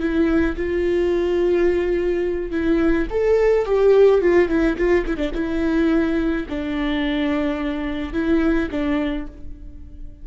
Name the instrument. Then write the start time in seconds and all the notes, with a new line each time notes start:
viola
0.00 E4
0.57 F4
2.52 E4
3.10 A4
3.66 G4
4.22 F4
4.49 E4
4.77 F4
5.07 E4
5.18 D4
5.35 E4
6.49 D4
8.14 E4
8.71 D4